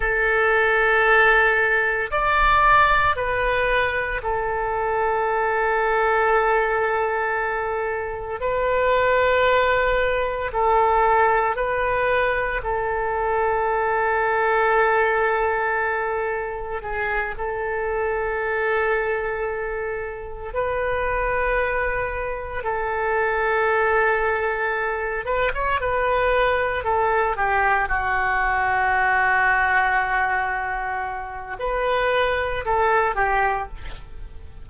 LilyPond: \new Staff \with { instrumentName = "oboe" } { \time 4/4 \tempo 4 = 57 a'2 d''4 b'4 | a'1 | b'2 a'4 b'4 | a'1 |
gis'8 a'2. b'8~ | b'4. a'2~ a'8 | b'16 cis''16 b'4 a'8 g'8 fis'4.~ | fis'2 b'4 a'8 g'8 | }